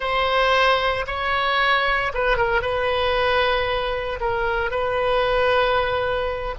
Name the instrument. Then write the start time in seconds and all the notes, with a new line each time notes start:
oboe
0.00 C5
1.06 C#5
2.13 B4
2.37 A#4
2.61 B4
4.20 A#4
4.71 B4